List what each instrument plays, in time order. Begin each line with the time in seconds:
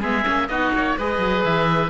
0.00 cello G#3, viola B3, oboe G#4 E5
0.24 cello A#3, viola C#4
0.47 cello B3, viola D#4, oboe F#4 D#5
0.73 cello A#3, oboe C#5
0.98 cello G#3, viola G#4, oboe B4 D#5
1.18 cello F#3
1.43 cello E3, oboe E5